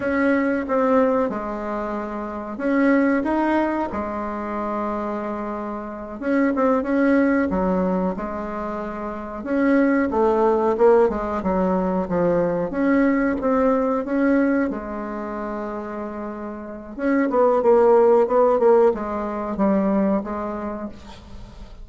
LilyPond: \new Staff \with { instrumentName = "bassoon" } { \time 4/4 \tempo 4 = 92 cis'4 c'4 gis2 | cis'4 dis'4 gis2~ | gis4. cis'8 c'8 cis'4 fis8~ | fis8 gis2 cis'4 a8~ |
a8 ais8 gis8 fis4 f4 cis'8~ | cis'8 c'4 cis'4 gis4.~ | gis2 cis'8 b8 ais4 | b8 ais8 gis4 g4 gis4 | }